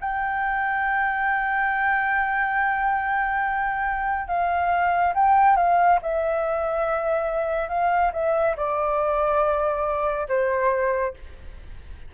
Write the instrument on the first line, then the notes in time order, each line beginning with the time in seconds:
flute
0.00 G5
4.27 F5
5.14 G5
5.56 F5
6.02 E5
7.69 F5
8.13 E5
8.56 D5
10.28 C5